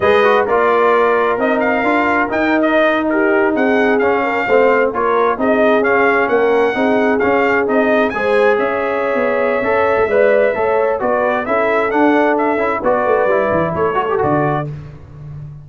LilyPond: <<
  \new Staff \with { instrumentName = "trumpet" } { \time 4/4 \tempo 4 = 131 dis''4 d''2 dis''8 f''8~ | f''4 g''8. dis''4 ais'4 fis''16~ | fis''8. f''2 cis''4 dis''16~ | dis''8. f''4 fis''2 f''16~ |
f''8. dis''4 gis''4 e''4~ e''16~ | e''1 | d''4 e''4 fis''4 e''4 | d''2 cis''4 d''4 | }
  \new Staff \with { instrumentName = "horn" } { \time 4/4 b'4 ais'2.~ | ais'2~ ais'8. g'4 gis'16~ | gis'4~ gis'16 ais'8 c''4 ais'4 gis'16~ | gis'4.~ gis'16 ais'4 gis'4~ gis'16~ |
gis'4.~ gis'16 c''4 cis''4~ cis''16~ | cis''2 d''4 cis''4 | b'4 a'2. | b'2 a'2 | }
  \new Staff \with { instrumentName = "trombone" } { \time 4/4 gis'8 fis'8 f'2 dis'4 | f'4 dis'2.~ | dis'8. cis'4 c'4 f'4 dis'16~ | dis'8. cis'2 dis'4 cis'16~ |
cis'8. dis'4 gis'2~ gis'16~ | gis'4 a'4 b'4 a'4 | fis'4 e'4 d'4. e'8 | fis'4 e'4. fis'16 g'16 fis'4 | }
  \new Staff \with { instrumentName = "tuba" } { \time 4/4 gis4 ais2 c'4 | d'4 dis'2~ dis'8. c'16~ | c'8. cis'4 a4 ais4 c'16~ | c'8. cis'4 ais4 c'4 cis'16~ |
cis'8. c'4 gis4 cis'4~ cis'16 | b4 cis'8. a16 gis4 a4 | b4 cis'4 d'4. cis'8 | b8 a8 g8 e8 a4 d4 | }
>>